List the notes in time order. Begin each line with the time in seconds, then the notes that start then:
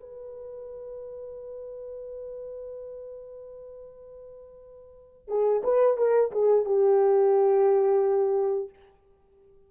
0.00 B4
5.28 G#4
5.64 B4
5.97 A#4
6.32 G#4
6.65 G4